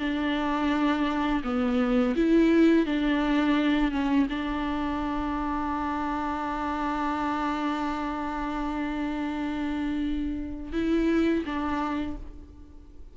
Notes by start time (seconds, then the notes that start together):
0.00 D4
1.44 B3
2.16 E4
2.86 D4
3.92 C#4
4.31 D4
10.73 E4
11.46 D4